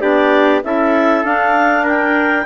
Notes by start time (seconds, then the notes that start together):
0.00 B3 D4 G4 D5
0.64 C#4 E4 A4 E5
1.24 D4 F5
1.83 A#4 G5